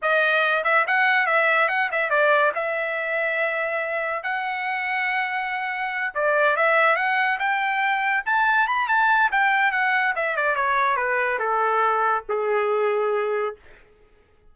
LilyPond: \new Staff \with { instrumentName = "trumpet" } { \time 4/4 \tempo 4 = 142 dis''4. e''8 fis''4 e''4 | fis''8 e''8 d''4 e''2~ | e''2 fis''2~ | fis''2~ fis''8 d''4 e''8~ |
e''8 fis''4 g''2 a''8~ | a''8 b''8 a''4 g''4 fis''4 | e''8 d''8 cis''4 b'4 a'4~ | a'4 gis'2. | }